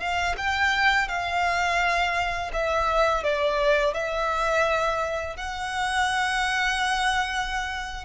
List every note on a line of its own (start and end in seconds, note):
0.00 0.36 F5
0.38 1.08 G5
1.08 2.51 F5
2.53 3.24 E5
3.24 3.94 D5
3.94 5.37 E5
5.37 8.05 F#5